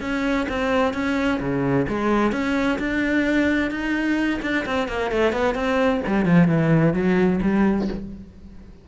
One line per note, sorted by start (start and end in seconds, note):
0.00 0.46 C#4
0.48 0.93 C4
0.93 1.39 C#4
1.40 1.86 C#3
1.88 2.32 G#3
2.32 2.78 C#4
2.78 3.70 D4
3.70 4.40 D#4
4.42 4.65 D4
4.65 4.88 C4
4.88 5.11 A#3
5.11 5.32 A3
5.32 5.54 B3
5.54 6.00 C4
6.07 6.25 G3
6.25 6.48 F3
6.48 6.93 E3
6.93 7.39 F#3
7.42 7.88 G3